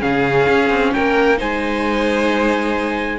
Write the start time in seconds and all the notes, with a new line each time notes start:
0.00 C#3 C#4 G#4 F5
0.48 C#4
0.70 C4
0.93 A#3 A#4 G5
1.37 G#3 D#4 C5 G#5